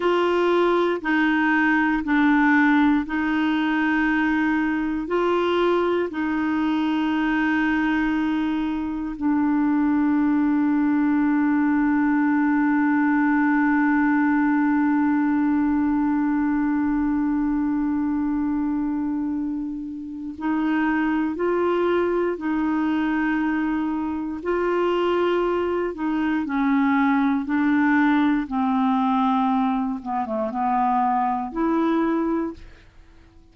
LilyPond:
\new Staff \with { instrumentName = "clarinet" } { \time 4/4 \tempo 4 = 59 f'4 dis'4 d'4 dis'4~ | dis'4 f'4 dis'2~ | dis'4 d'2.~ | d'1~ |
d'1 | dis'4 f'4 dis'2 | f'4. dis'8 cis'4 d'4 | c'4. b16 a16 b4 e'4 | }